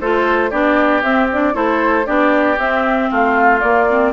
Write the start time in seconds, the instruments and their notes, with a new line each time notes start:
0.00 bassoon A3, clarinet F4, oboe A4, flute C5
0.50 bassoon B3, clarinet D4, oboe G4, flute D5
1.02 bassoon C4, clarinet C4, flute E5
1.32 clarinet D4, flute D5
1.53 bassoon A3, clarinet E4, oboe A4, flute C5
2.05 bassoon B3, clarinet D4, oboe G4, flute D5
2.57 bassoon C4, clarinet C4, flute E5
3.10 bassoon A3, oboe F4, flute F5
3.60 clarinet A#3, bassoon A#3, flute D5
3.89 clarinet C4